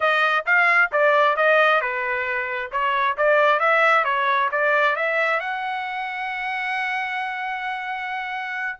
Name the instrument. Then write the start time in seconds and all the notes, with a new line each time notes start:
trumpet
0.00 D#5
0.45 F5
0.91 D5
1.36 D#5
1.81 B4
2.71 C#5
3.17 D5
3.59 E5
4.04 C#5
4.51 D5
4.95 E5
5.40 F#5